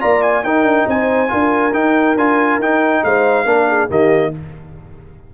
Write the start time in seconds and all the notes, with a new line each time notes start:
0.00 A#3 F4 D5 A#5
0.22 G#5
0.43 D#4 A#4 G5
0.63 D4
0.87 C4 C5 G#5
1.28 D4 F4 A#4
1.73 D#4 G5
2.16 D4 F4 G#5
2.58 D#4 G5
3.04 G#3 C5 F5
3.45 A#3 D4 A#4
3.68 G#4
3.89 D#3 A#3 G4 D#5